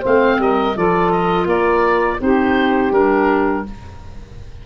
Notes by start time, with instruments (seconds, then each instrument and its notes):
0.00 tuba A3, clarinet C4, saxophone C5, oboe F5
0.38 tuba G3, saxophone A#4, oboe D#5
0.75 tuba F3, clarinet F4, saxophone A4, oboe D5
1.11 oboe D#5
1.45 tuba A#3, saxophone A#4, oboe D5
2.19 tuba C4, clarinet D#4, saxophone G4, oboe C5
2.91 tuba G3, clarinet D4, oboe A#4